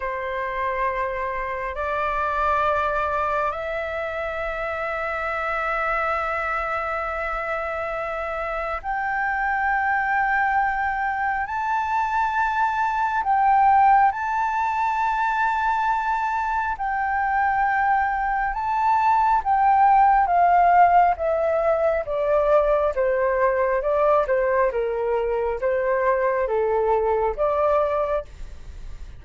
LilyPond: \new Staff \with { instrumentName = "flute" } { \time 4/4 \tempo 4 = 68 c''2 d''2 | e''1~ | e''2 g''2~ | g''4 a''2 g''4 |
a''2. g''4~ | g''4 a''4 g''4 f''4 | e''4 d''4 c''4 d''8 c''8 | ais'4 c''4 a'4 d''4 | }